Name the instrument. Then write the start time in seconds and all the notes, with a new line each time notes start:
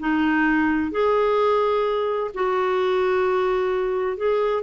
clarinet
0.00 D#4
0.92 G#4
2.34 F#4
4.17 G#4